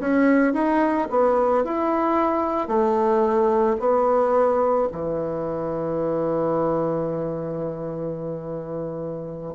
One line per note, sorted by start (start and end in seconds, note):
0.00 0.54 C#4
0.54 1.08 D#4
1.11 1.65 B3
1.65 2.68 E4
2.68 3.77 A3
3.79 4.88 B3
4.92 9.55 E3